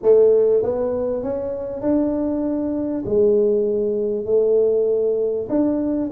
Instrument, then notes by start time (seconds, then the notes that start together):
tuba
0.02 A3
0.62 B3
1.23 C#4
1.81 D4
3.05 G#3
4.25 A3
5.49 D4